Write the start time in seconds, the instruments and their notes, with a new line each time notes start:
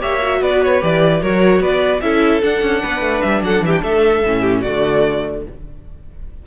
0.00 cello A#3, viola G4, violin C#5 E5
0.22 viola F#4
0.41 cello B3, violin B4 D5
0.62 violin C#5
0.81 cello E3, viola G4, violin D5
1.20 cello F#3, viola F#4, violin A#4 C#5
1.60 cello B3, violin B4 D5
2.01 cello C#4, viola E4, violin A4 E5
2.42 viola D4, cello D4, violin F#5
2.62 cello C#4
2.82 cello B3, violin B4
3.01 cello A3
3.22 cello G3, violin E5
3.42 cello F#3, violin A4 F#5
3.61 cello E3, violin G4 E5
3.71 violin G5
3.83 cello A3, violin A4 E5
4.24 cello A2, viola C#4
4.41 violin G4
4.61 cello D3, viola A3, violin F#4 D5